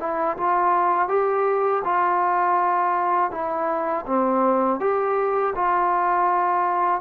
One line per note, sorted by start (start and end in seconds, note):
0.00 0.37 E4
0.37 1.08 F4
1.08 1.82 G4
1.85 3.32 F4
3.32 4.06 E4
4.06 4.80 C4
4.80 5.54 G4
5.56 7.01 F4